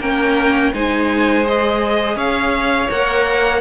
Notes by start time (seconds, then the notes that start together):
0.00 A#3 C#4 A#4 G5
0.73 G#3 D#4 C5 G#5
1.43 G#4 D#5
2.16 C#4 C#5 F5
2.90 A#3 A#4 F#5